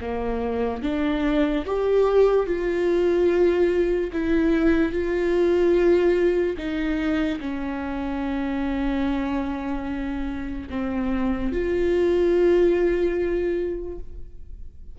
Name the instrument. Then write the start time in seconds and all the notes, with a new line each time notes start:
viola
0.00 A#3
0.82 D4
1.65 G4
2.46 F4
4.12 E4
4.92 F4
6.57 D#4
7.40 C#4
10.70 C4
11.52 F4